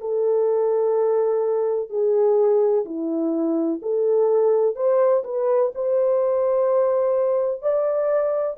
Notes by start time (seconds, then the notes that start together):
0.00 A4
1.89 G#4
2.85 E4
3.81 A4
4.75 C5
5.24 B4
5.74 C5
7.62 D5